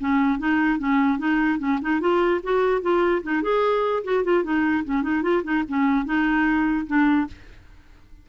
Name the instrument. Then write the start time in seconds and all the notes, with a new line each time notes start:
clarinet
0.00 C#4
0.39 D#4
0.79 C#4
1.18 D#4
1.59 C#4
1.82 D#4
2.00 F4
2.43 F#4
2.82 F4
3.23 D#4
3.42 G#4
4.04 F#4
4.24 F4
4.44 D#4
4.85 C#4
5.02 D#4
5.22 F4
5.43 D#4
5.68 C#4
6.05 D#4
6.87 D4